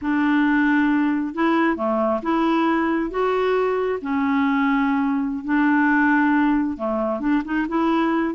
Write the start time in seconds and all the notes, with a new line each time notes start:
0.01 D4
1.34 E4
1.76 A3
2.22 E4
3.10 F#4
4.01 C#4
5.44 D4
6.77 A3
7.20 D4
7.44 D#4
7.68 E4